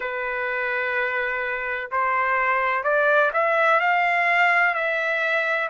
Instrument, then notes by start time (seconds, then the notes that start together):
trumpet
0.00 B4
1.91 C5
2.83 D5
3.33 E5
3.80 F5
4.74 E5